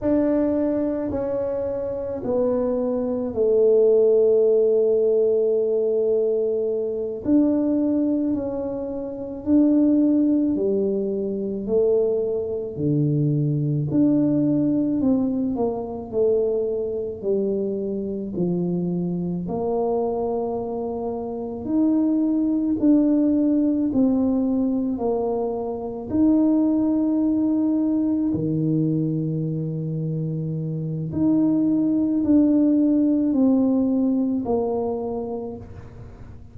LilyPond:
\new Staff \with { instrumentName = "tuba" } { \time 4/4 \tempo 4 = 54 d'4 cis'4 b4 a4~ | a2~ a8 d'4 cis'8~ | cis'8 d'4 g4 a4 d8~ | d8 d'4 c'8 ais8 a4 g8~ |
g8 f4 ais2 dis'8~ | dis'8 d'4 c'4 ais4 dis'8~ | dis'4. dis2~ dis8 | dis'4 d'4 c'4 ais4 | }